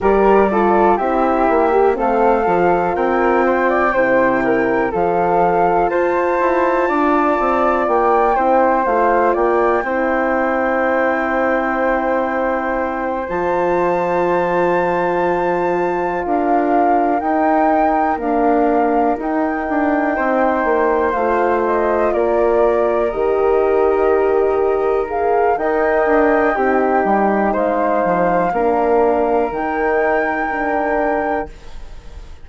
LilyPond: <<
  \new Staff \with { instrumentName = "flute" } { \time 4/4 \tempo 4 = 61 d''4 e''4 f''4 g''4~ | g''4 f''4 a''2 | g''4 f''8 g''2~ g''8~ | g''4. a''2~ a''8~ |
a''8 f''4 g''4 f''4 g''8~ | g''4. f''8 dis''8 d''4 dis''8~ | dis''4. f''8 g''2 | f''2 g''2 | }
  \new Staff \with { instrumentName = "flute" } { \time 4/4 ais'8 a'8 g'4 a'4 ais'8 c''16 d''16 | c''8 ais'8 a'4 c''4 d''4~ | d''8 c''4 d''8 c''2~ | c''1~ |
c''8 ais'2.~ ais'8~ | ais'8 c''2 ais'4.~ | ais'2 dis''4 g'4 | c''4 ais'2. | }
  \new Staff \with { instrumentName = "horn" } { \time 4/4 g'8 f'8 e'8. g'16 c'8 f'4. | e'4 f'2.~ | f'8 e'8 f'4 e'2~ | e'4. f'2~ f'8~ |
f'4. dis'4 ais4 dis'8~ | dis'4. f'2 g'8~ | g'4. gis'8 ais'4 dis'4~ | dis'4 d'4 dis'4 d'4 | }
  \new Staff \with { instrumentName = "bassoon" } { \time 4/4 g4 c'8 ais8 a8 f8 c'4 | c4 f4 f'8 e'8 d'8 c'8 | ais8 c'8 a8 ais8 c'2~ | c'4. f2~ f8~ |
f8 d'4 dis'4 d'4 dis'8 | d'8 c'8 ais8 a4 ais4 dis8~ | dis2 dis'8 d'8 c'8 g8 | gis8 f8 ais4 dis2 | }
>>